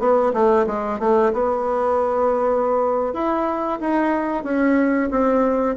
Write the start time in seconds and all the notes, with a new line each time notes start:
0.00 B3
0.34 A3
0.67 G#3
1.00 A3
1.34 B3
3.14 E4
3.81 D#4
4.44 C#4
5.11 C4